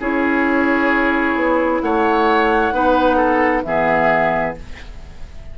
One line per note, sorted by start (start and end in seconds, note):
0.00 1.35 C#4
0.00 2.73 E4
0.00 1.82 G#4
0.00 1.81 C#5
1.35 1.81 B3
1.81 2.72 A3
1.81 2.74 C#5
1.81 3.63 F#5
2.72 3.63 B3
2.72 3.64 D#4
2.72 3.17 B4
3.17 3.62 A4
3.63 4.56 E3
3.63 4.56 B3
3.63 4.58 G#4
3.63 4.54 E5